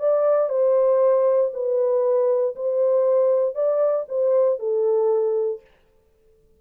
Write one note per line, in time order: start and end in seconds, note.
0.00 0.49 D5
0.49 1.51 C5
1.54 2.56 B4
2.56 3.55 C5
3.55 4.06 D5
4.09 4.59 C5
4.59 5.61 A4